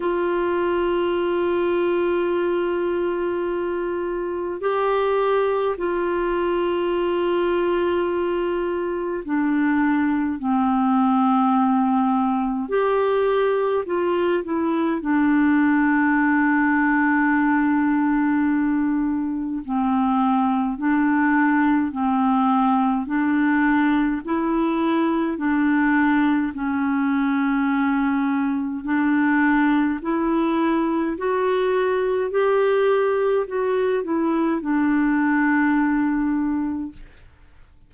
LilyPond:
\new Staff \with { instrumentName = "clarinet" } { \time 4/4 \tempo 4 = 52 f'1 | g'4 f'2. | d'4 c'2 g'4 | f'8 e'8 d'2.~ |
d'4 c'4 d'4 c'4 | d'4 e'4 d'4 cis'4~ | cis'4 d'4 e'4 fis'4 | g'4 fis'8 e'8 d'2 | }